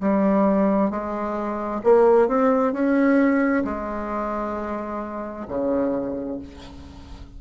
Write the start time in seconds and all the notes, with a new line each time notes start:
0.00 G3
0.90 G#3
1.83 A#3
2.28 C4
2.72 C#4
3.64 G#3
5.48 C#3